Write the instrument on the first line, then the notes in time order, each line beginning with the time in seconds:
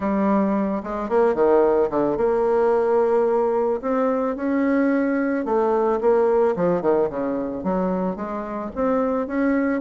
bassoon
0.00 G3
0.83 G#3
1.09 A#3
1.34 D#3
1.90 D3
2.17 A#3
3.81 C4
4.36 C#4
5.45 A3
6.00 A#3
6.56 F3
6.81 D#3
7.09 C#3
7.63 F#3
8.15 G#3
8.75 C4
9.27 C#4